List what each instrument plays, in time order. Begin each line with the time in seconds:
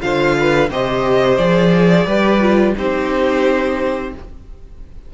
0.00 cello D3, viola F4, violin C5 F5
0.39 violin B4
0.70 cello C3, viola G4, violin C5 D#5
1.37 cello F3, viola G#4, violin D5
2.06 cello G3, viola G4, violin B4
2.40 viola F4
2.77 cello C4, viola D#4, violin G4 C5